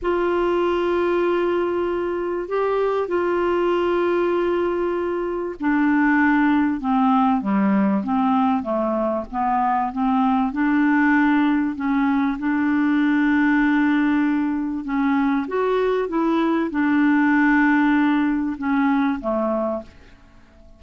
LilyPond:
\new Staff \with { instrumentName = "clarinet" } { \time 4/4 \tempo 4 = 97 f'1 | g'4 f'2.~ | f'4 d'2 c'4 | g4 c'4 a4 b4 |
c'4 d'2 cis'4 | d'1 | cis'4 fis'4 e'4 d'4~ | d'2 cis'4 a4 | }